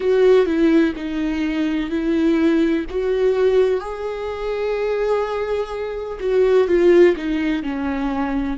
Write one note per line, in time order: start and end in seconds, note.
0.00 0.45 F#4
0.45 0.93 E4
0.95 1.90 D#4
1.90 2.85 E4
2.89 3.80 F#4
3.80 6.18 G#4
6.19 6.67 F#4
6.67 7.15 F4
7.16 7.62 D#4
7.62 8.57 C#4